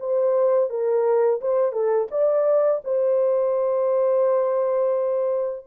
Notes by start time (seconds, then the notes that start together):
0.00 C5
0.70 A#4
1.41 C5
1.73 A4
2.11 D5
2.85 C5